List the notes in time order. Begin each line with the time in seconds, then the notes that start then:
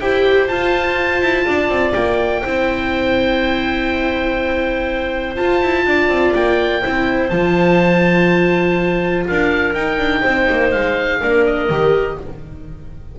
0.00 E4 G4 C5 G5
0.48 F4 A5
1.22 E4
1.46 D4 D5
1.69 C4
1.93 A#3 G5
2.42 C4 E4 C5
5.36 F4 A5
5.62 E4
5.86 D4 D5
6.09 C4
6.35 A#3 G5
6.82 C4 E4 C5
7.29 F3 F4 A5
9.28 D4 A#4 F5
9.74 D#4 G5
9.98 D4
10.22 C4 C5
10.51 A#3
10.72 G#3 F5
11.20 A#3 D4 A#4
11.46 D#5
11.70 D#3 G4